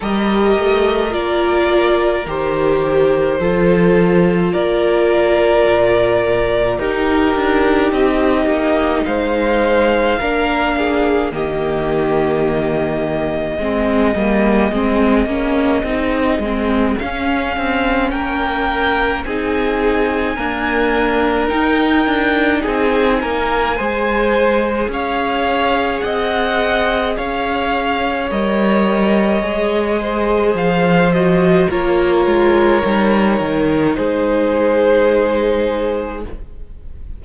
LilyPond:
<<
  \new Staff \with { instrumentName = "violin" } { \time 4/4 \tempo 4 = 53 dis''4 d''4 c''2 | d''2 ais'4 dis''4 | f''2 dis''2~ | dis''2. f''4 |
g''4 gis''2 g''4 | gis''2 f''4 fis''4 | f''4 dis''2 f''8 dis''8 | cis''2 c''2 | }
  \new Staff \with { instrumentName = "violin" } { \time 4/4 ais'2. a'4 | ais'2 g'2 | c''4 ais'8 gis'8 g'2 | gis'1 |
ais'4 gis'4 ais'2 | gis'8 ais'8 c''4 cis''4 dis''4 | cis''2~ cis''8 c''4. | ais'2 gis'2 | }
  \new Staff \with { instrumentName = "viola" } { \time 4/4 g'4 f'4 g'4 f'4~ | f'2 dis'2~ | dis'4 d'4 ais2 | c'8 ais8 c'8 cis'8 dis'8 c'8 cis'4~ |
cis'4 dis'4 ais4 dis'4~ | dis'4 gis'2.~ | gis'4 ais'4 gis'4. fis'8 | f'4 dis'2. | }
  \new Staff \with { instrumentName = "cello" } { \time 4/4 g8 a8 ais4 dis4 f4 | ais4 ais,4 dis'8 d'8 c'8 ais8 | gis4 ais4 dis2 | gis8 g8 gis8 ais8 c'8 gis8 cis'8 c'8 |
ais4 c'4 d'4 dis'8 d'8 | c'8 ais8 gis4 cis'4 c'4 | cis'4 g4 gis4 f4 | ais8 gis8 g8 dis8 gis2 | }
>>